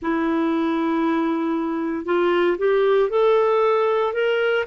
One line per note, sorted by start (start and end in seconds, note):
0.02 2.05 E4
2.05 2.57 F4
2.58 3.09 G4
3.09 4.13 A4
4.13 4.65 A#4